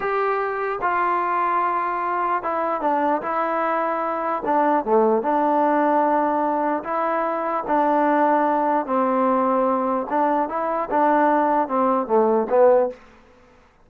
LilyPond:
\new Staff \with { instrumentName = "trombone" } { \time 4/4 \tempo 4 = 149 g'2 f'2~ | f'2 e'4 d'4 | e'2. d'4 | a4 d'2.~ |
d'4 e'2 d'4~ | d'2 c'2~ | c'4 d'4 e'4 d'4~ | d'4 c'4 a4 b4 | }